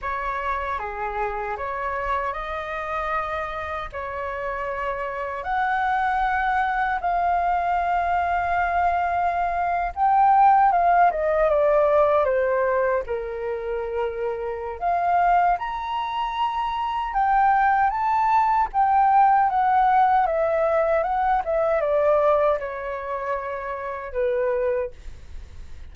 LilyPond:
\new Staff \with { instrumentName = "flute" } { \time 4/4 \tempo 4 = 77 cis''4 gis'4 cis''4 dis''4~ | dis''4 cis''2 fis''4~ | fis''4 f''2.~ | f''8. g''4 f''8 dis''8 d''4 c''16~ |
c''8. ais'2~ ais'16 f''4 | ais''2 g''4 a''4 | g''4 fis''4 e''4 fis''8 e''8 | d''4 cis''2 b'4 | }